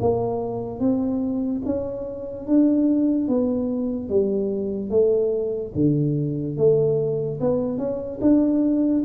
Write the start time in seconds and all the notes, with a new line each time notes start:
0.00 A#3
0.80 C4
1.65 C#4
2.47 D4
3.28 B3
4.09 G3
4.90 A3
5.75 D3
6.57 A3
7.40 B3
7.78 C#4
8.22 D4